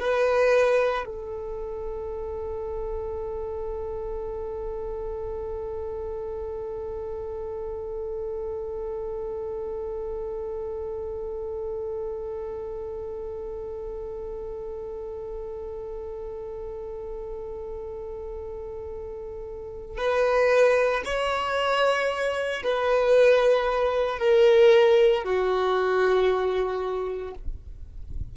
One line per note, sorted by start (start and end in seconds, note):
0.00 1.05 B4
1.06 19.98 A4
19.98 21.03 B4
21.05 22.63 C#5
22.64 24.19 B4
24.19 25.24 A#4
25.24 27.34 F#4